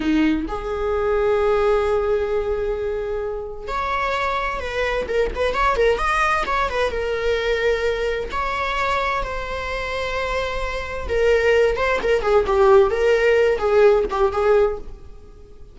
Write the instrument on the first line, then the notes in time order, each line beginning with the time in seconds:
viola
0.00 D#4
0.48 G#4
3.67 C#5
4.60 B4
5.07 A#4
5.35 B4
5.54 C#5
5.76 A#4
5.98 D#5
6.46 C#5
6.69 B4
6.91 A#4
8.31 C#5
9.23 C5
11.08 A#4
11.76 C5
12.02 A#4
12.22 G#4
12.46 G4
12.90 A#4
13.58 G#4
14.10 G4
14.31 G#4